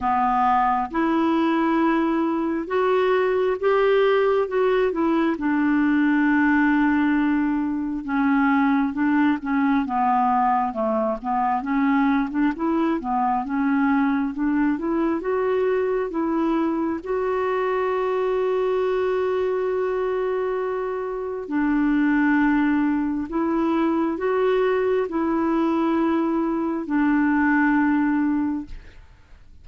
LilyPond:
\new Staff \with { instrumentName = "clarinet" } { \time 4/4 \tempo 4 = 67 b4 e'2 fis'4 | g'4 fis'8 e'8 d'2~ | d'4 cis'4 d'8 cis'8 b4 | a8 b8 cis'8. d'16 e'8 b8 cis'4 |
d'8 e'8 fis'4 e'4 fis'4~ | fis'1 | d'2 e'4 fis'4 | e'2 d'2 | }